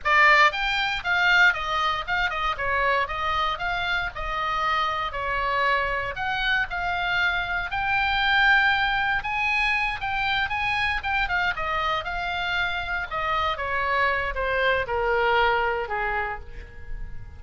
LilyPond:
\new Staff \with { instrumentName = "oboe" } { \time 4/4 \tempo 4 = 117 d''4 g''4 f''4 dis''4 | f''8 dis''8 cis''4 dis''4 f''4 | dis''2 cis''2 | fis''4 f''2 g''4~ |
g''2 gis''4. g''8~ | g''8 gis''4 g''8 f''8 dis''4 f''8~ | f''4. dis''4 cis''4. | c''4 ais'2 gis'4 | }